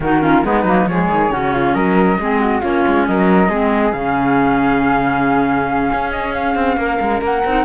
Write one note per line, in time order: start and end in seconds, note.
0.00 0.43 D#3
0.00 0.21 D#4
0.00 0.22 F#4
0.00 0.44 A#4
0.21 0.43 C#4
0.21 0.44 F4
0.43 0.64 G#3
0.43 0.65 B3
0.43 0.88 D#4
0.43 0.87 B4
0.64 0.86 F#3
0.64 0.88 A#3
0.86 1.08 F3
0.86 1.30 G#3
0.86 1.31 G#4
0.86 1.73 C#5
1.10 1.32 D#3
1.30 1.74 C#3
1.30 2.17 C#4
1.30 1.53 F#4
1.53 1.74 F4
1.73 2.18 F#3
1.73 2.18 A#4
1.73 2.61 D#5
2.18 2.62 G#3
2.18 2.62 C4
2.18 2.40 G#4
2.40 2.61 F#4
2.61 2.85 A#3
2.61 3.50 C#4
2.61 3.05 F4
2.61 3.06 C#5
2.87 3.08 G#3
3.06 3.49 F#3
3.06 3.49 A#4
3.06 3.92 D#5
3.49 3.92 G#3
3.49 3.92 C4
3.49 6.77 G#4
3.92 5.90 C#3
3.92 7.43 C#4
3.92 6.11 F5
5.92 6.55 C#4
6.11 6.33 D#5
6.33 7.21 F5
6.55 6.76 C4
6.76 6.98 A#3
6.76 7.65 A#4
7.00 7.21 G#3
7.21 7.43 A#3
7.21 7.65 F#5
7.44 7.65 C4
7.44 7.65 D#4